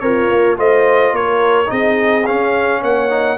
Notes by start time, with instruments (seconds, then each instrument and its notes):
0.00 tuba C4, horn F4, trombone A#4, trumpet C#5
0.30 tuba A#3
0.57 tuba A3, trombone F4, horn C5, trumpet D#5
1.13 tuba A#3, horn A#4, trumpet C#5
1.66 tuba C4, trombone D#4, horn G#4, trumpet D#5
2.26 trombone C#4, tuba C#4, trumpet F5
2.80 tuba A#3, horn C#5, trumpet F#5
3.09 trombone D#4